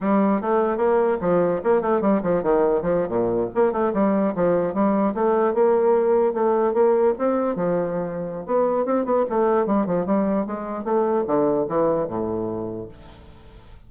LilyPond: \new Staff \with { instrumentName = "bassoon" } { \time 4/4 \tempo 4 = 149 g4 a4 ais4 f4 | ais8 a8 g8 f8 dis4 f8. ais,16~ | ais,8. ais8 a8 g4 f4 g16~ | g8. a4 ais2 a16~ |
a8. ais4 c'4 f4~ f16~ | f4 b4 c'8 b8 a4 | g8 f8 g4 gis4 a4 | d4 e4 a,2 | }